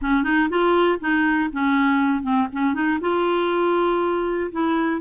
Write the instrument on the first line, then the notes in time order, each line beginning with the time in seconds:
clarinet
0.01 C#4
0.23 D#4
0.49 F4
1.00 D#4
1.52 C#4
2.22 C4
2.52 C#4
2.73 D#4
3.00 F4
4.51 E4